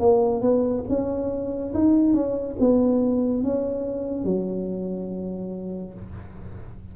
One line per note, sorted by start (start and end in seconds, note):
0.00 0.41 A#3
0.41 0.84 B3
0.89 1.74 C#4
1.74 2.14 D#4
2.14 2.56 C#4
2.60 3.44 B3
3.44 4.25 C#4
4.25 5.94 F#3